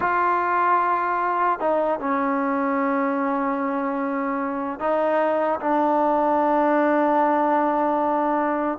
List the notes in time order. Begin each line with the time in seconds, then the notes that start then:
0.00 F4
1.59 D#4
1.99 C#4
4.79 D#4
5.59 D4